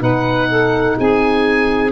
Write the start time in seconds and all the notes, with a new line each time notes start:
0.00 B2 D#4 B4 F#5
0.50 A4
0.99 C4 G#4 G#5